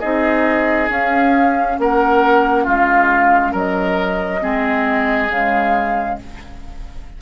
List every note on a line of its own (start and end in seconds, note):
0.00 0.89 C4
0.00 0.90 D#4
0.00 1.77 G#4
0.00 0.88 D#5
0.89 1.77 C#4
0.89 4.40 C#4
0.89 1.79 F5
1.79 2.67 A#3
1.79 2.64 A#4
1.79 2.65 F#5
2.64 3.54 G#3
2.64 3.52 F4
2.64 3.53 F5
3.52 4.42 F#3
3.52 4.40 A#4
3.52 5.31 D#5
4.40 5.30 G#3
4.40 5.28 C4
4.40 6.19 G#4
5.30 6.18 C#3
5.30 6.22 G#3
5.30 6.19 F5